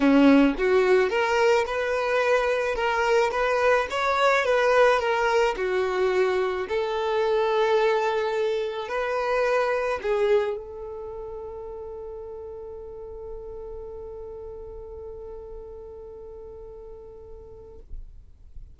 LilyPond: \new Staff \with { instrumentName = "violin" } { \time 4/4 \tempo 4 = 108 cis'4 fis'4 ais'4 b'4~ | b'4 ais'4 b'4 cis''4 | b'4 ais'4 fis'2 | a'1 |
b'2 gis'4 a'4~ | a'1~ | a'1~ | a'1 | }